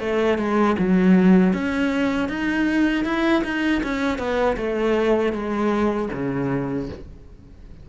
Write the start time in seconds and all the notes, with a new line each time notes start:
0.00 A3
0.38 G#3
0.79 F#3
1.53 C#4
2.29 D#4
3.05 E4
3.44 D#4
3.84 C#4
4.19 B3
4.57 A3
5.33 G#3
6.13 C#3